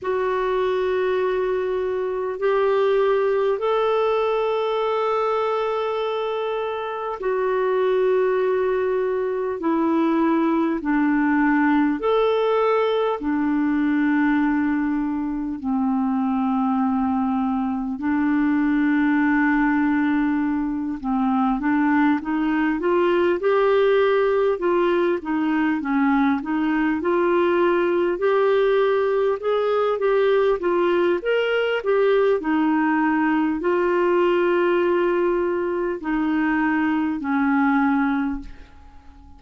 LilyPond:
\new Staff \with { instrumentName = "clarinet" } { \time 4/4 \tempo 4 = 50 fis'2 g'4 a'4~ | a'2 fis'2 | e'4 d'4 a'4 d'4~ | d'4 c'2 d'4~ |
d'4. c'8 d'8 dis'8 f'8 g'8~ | g'8 f'8 dis'8 cis'8 dis'8 f'4 g'8~ | g'8 gis'8 g'8 f'8 ais'8 g'8 dis'4 | f'2 dis'4 cis'4 | }